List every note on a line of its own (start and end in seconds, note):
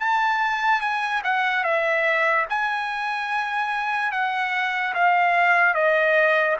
0.00 0.81 A5
0.81 1.22 G#5
1.24 1.64 F#5
1.64 2.46 E5
2.50 4.12 G#5
4.12 4.94 F#5
4.94 5.74 F5
5.74 6.56 D#5